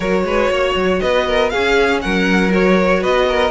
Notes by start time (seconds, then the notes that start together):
0.00 F#3 F#4 A#4 C#5
0.24 G#3 B4
0.50 A#3 C#5
0.75 F#3
1.00 B3 B4 D#5
1.27 A#4
1.49 C#4 G#4 F5
2.01 F#3 A#4 F#5
2.49 F#4 C#5
3.00 B3 B4 D#5
3.28 A#4